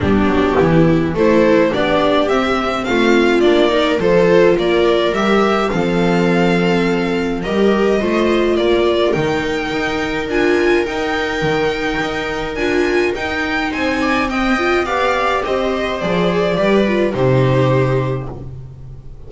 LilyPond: <<
  \new Staff \with { instrumentName = "violin" } { \time 4/4 \tempo 4 = 105 g'2 c''4 d''4 | e''4 f''4 d''4 c''4 | d''4 e''4 f''2~ | f''4 dis''2 d''4 |
g''2 gis''4 g''4~ | g''2 gis''4 g''4 | gis''4 g''4 f''4 dis''4 | d''2 c''2 | }
  \new Staff \with { instrumentName = "viola" } { \time 4/4 d'4 e'4 a'4 g'4~ | g'4 f'4. ais'8 a'4 | ais'2 a'2~ | a'4 ais'4 c''4 ais'4~ |
ais'1~ | ais'1 | c''8 d''8 dis''4 d''4 c''4~ | c''4 b'4 g'2 | }
  \new Staff \with { instrumentName = "viola" } { \time 4/4 b2 e'4 d'4 | c'2 d'8 dis'8 f'4~ | f'4 g'4 c'2~ | c'4 g'4 f'2 |
dis'2 f'4 dis'4~ | dis'2 f'4 dis'4~ | dis'4 c'8 f'8 g'2 | gis'4 g'8 f'8 dis'2 | }
  \new Staff \with { instrumentName = "double bass" } { \time 4/4 g8 fis8 e4 a4 b4 | c'4 a4 ais4 f4 | ais4 g4 f2~ | f4 g4 a4 ais4 |
dis4 dis'4 d'4 dis'4 | dis4 dis'4 d'4 dis'4 | c'2 b4 c'4 | f4 g4 c2 | }
>>